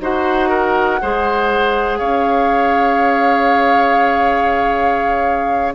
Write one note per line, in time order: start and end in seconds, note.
0.00 1.00 D#4
0.00 1.01 F#4
0.00 0.49 C5
0.00 1.98 F#5
0.49 0.99 A#4
1.01 1.99 G#3
1.01 5.74 G#4
1.01 1.98 C5
1.98 5.74 C#4
1.98 5.73 C#5
1.98 5.73 F5